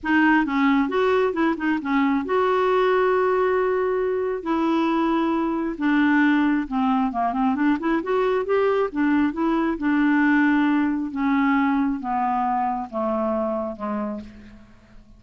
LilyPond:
\new Staff \with { instrumentName = "clarinet" } { \time 4/4 \tempo 4 = 135 dis'4 cis'4 fis'4 e'8 dis'8 | cis'4 fis'2.~ | fis'2 e'2~ | e'4 d'2 c'4 |
ais8 c'8 d'8 e'8 fis'4 g'4 | d'4 e'4 d'2~ | d'4 cis'2 b4~ | b4 a2 gis4 | }